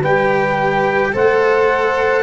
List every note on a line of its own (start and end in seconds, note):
0.00 1.15 G3
0.00 1.13 G4
0.00 1.11 B4
0.00 1.15 G5
1.13 2.24 A3
1.13 2.24 A4
1.13 2.24 C5
1.13 2.24 F#5